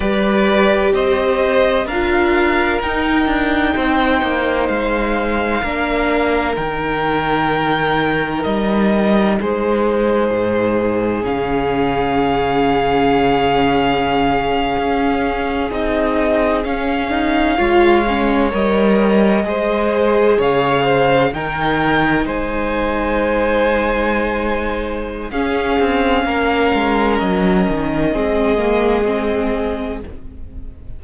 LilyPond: <<
  \new Staff \with { instrumentName = "violin" } { \time 4/4 \tempo 4 = 64 d''4 dis''4 f''4 g''4~ | g''4 f''2 g''4~ | g''4 dis''4 c''2 | f''1~ |
f''8. dis''4 f''2 dis''16~ | dis''4.~ dis''16 f''4 g''4 gis''16~ | gis''2. f''4~ | f''4 dis''2. | }
  \new Staff \with { instrumentName = "violin" } { \time 4/4 b'4 c''4 ais'2 | c''2 ais'2~ | ais'2 gis'2~ | gis'1~ |
gis'2~ gis'8. cis''4~ cis''16~ | cis''8. c''4 cis''8 c''8 ais'4 c''16~ | c''2. gis'4 | ais'2 gis'2 | }
  \new Staff \with { instrumentName = "viola" } { \time 4/4 g'2 f'4 dis'4~ | dis'2 d'4 dis'4~ | dis'1 | cis'1~ |
cis'8. dis'4 cis'8 dis'8 f'8 cis'8 ais'16~ | ais'8. gis'2 dis'4~ dis'16~ | dis'2. cis'4~ | cis'2 c'8 ais8 c'4 | }
  \new Staff \with { instrumentName = "cello" } { \time 4/4 g4 c'4 d'4 dis'8 d'8 | c'8 ais8 gis4 ais4 dis4~ | dis4 g4 gis4 gis,4 | cis2.~ cis8. cis'16~ |
cis'8. c'4 cis'4 gis4 g16~ | g8. gis4 cis4 dis4 gis16~ | gis2. cis'8 c'8 | ais8 gis8 fis8 dis8 gis2 | }
>>